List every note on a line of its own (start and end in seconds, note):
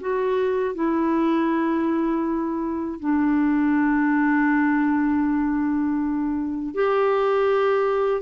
0.00 0.75 F#4
0.75 2.99 E4
2.99 6.74 D4
6.74 8.21 G4